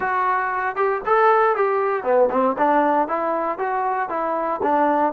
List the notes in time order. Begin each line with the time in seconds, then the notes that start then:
0.00 F#4
0.76 G4
1.05 A4
1.55 G4
2.03 B3
2.30 C4
2.58 D4
3.08 E4
3.58 F#4
4.09 E4
4.62 D4